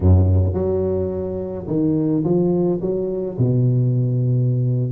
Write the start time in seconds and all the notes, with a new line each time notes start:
0.00 F#2
0.53 F#3
1.67 D#3
2.24 F3
2.81 F#3
3.38 B2